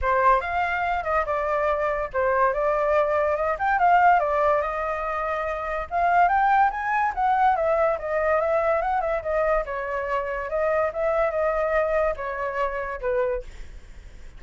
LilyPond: \new Staff \with { instrumentName = "flute" } { \time 4/4 \tempo 4 = 143 c''4 f''4. dis''8 d''4~ | d''4 c''4 d''2 | dis''8 g''8 f''4 d''4 dis''4~ | dis''2 f''4 g''4 |
gis''4 fis''4 e''4 dis''4 | e''4 fis''8 e''8 dis''4 cis''4~ | cis''4 dis''4 e''4 dis''4~ | dis''4 cis''2 b'4 | }